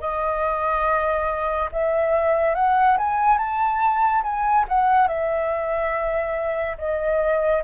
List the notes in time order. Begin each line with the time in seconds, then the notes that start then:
0.00 D#5
1.72 E5
2.55 F#5
2.98 G#5
3.38 A5
4.23 G#5
4.68 F#5
5.07 E5
6.78 D#5